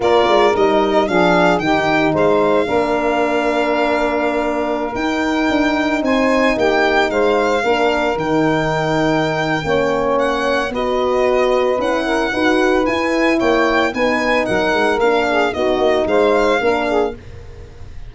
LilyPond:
<<
  \new Staff \with { instrumentName = "violin" } { \time 4/4 \tempo 4 = 112 d''4 dis''4 f''4 g''4 | f''1~ | f''4~ f''16 g''2 gis''8.~ | gis''16 g''4 f''2 g''8.~ |
g''2. fis''4 | dis''2 fis''2 | gis''4 g''4 gis''4 fis''4 | f''4 dis''4 f''2 | }
  \new Staff \with { instrumentName = "saxophone" } { \time 4/4 ais'2 gis'4 g'4 | c''4 ais'2.~ | ais'2.~ ais'16 c''8.~ | c''16 g'4 c''4 ais'4.~ ais'16~ |
ais'2 cis''2 | b'2~ b'8 ais'8 b'4~ | b'4 cis''4 b'4 ais'4~ | ais'8 gis'8 fis'4 c''4 ais'8 gis'8 | }
  \new Staff \with { instrumentName = "horn" } { \time 4/4 f'4 dis'4 d'4 dis'4~ | dis'4 d'2.~ | d'4~ d'16 dis'2~ dis'8.~ | dis'2~ dis'16 d'4 dis'8.~ |
dis'2 cis'2 | fis'2 e'4 fis'4 | e'2 dis'2 | d'4 dis'2 d'4 | }
  \new Staff \with { instrumentName = "tuba" } { \time 4/4 ais8 gis8 g4 f4 dis4 | gis4 ais2.~ | ais4~ ais16 dis'4 d'4 c'8.~ | c'16 ais4 gis4 ais4 dis8.~ |
dis2 ais2 | b2 cis'4 dis'4 | e'4 ais4 b4 fis8 gis8 | ais4 b8 ais8 gis4 ais4 | }
>>